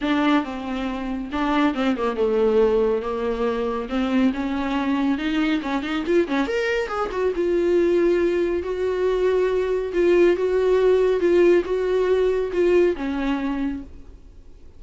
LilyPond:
\new Staff \with { instrumentName = "viola" } { \time 4/4 \tempo 4 = 139 d'4 c'2 d'4 | c'8 ais8 a2 ais4~ | ais4 c'4 cis'2 | dis'4 cis'8 dis'8 f'8 cis'8 ais'4 |
gis'8 fis'8 f'2. | fis'2. f'4 | fis'2 f'4 fis'4~ | fis'4 f'4 cis'2 | }